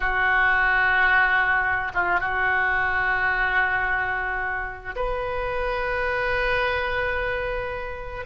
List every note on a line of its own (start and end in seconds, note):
0.00 1.91 F#4
1.94 2.19 F4
2.19 4.95 F#4
4.95 8.25 B4